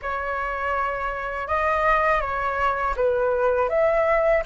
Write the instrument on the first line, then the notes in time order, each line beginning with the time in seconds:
flute
0.02 C#5
1.47 D#5
2.21 C#5
2.96 B4
3.69 E5